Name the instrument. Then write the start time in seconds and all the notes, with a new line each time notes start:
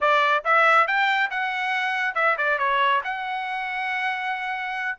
trumpet
0.00 D5
0.44 E5
0.87 G5
1.30 F#5
2.14 E5
2.37 D5
2.58 C#5
3.04 F#5